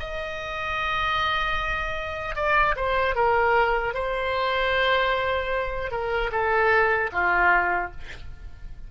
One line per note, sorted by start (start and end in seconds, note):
0.00 2.36 D#5
2.36 2.76 D5
2.76 3.15 C5
3.15 3.94 A#4
3.94 5.92 C5
5.92 6.31 A#4
6.32 7.11 A4
7.13 7.92 F4